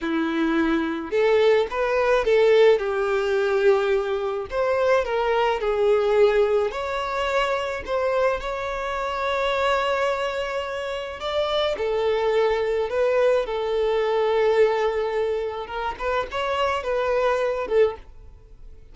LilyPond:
\new Staff \with { instrumentName = "violin" } { \time 4/4 \tempo 4 = 107 e'2 a'4 b'4 | a'4 g'2. | c''4 ais'4 gis'2 | cis''2 c''4 cis''4~ |
cis''1 | d''4 a'2 b'4 | a'1 | ais'8 b'8 cis''4 b'4. a'8 | }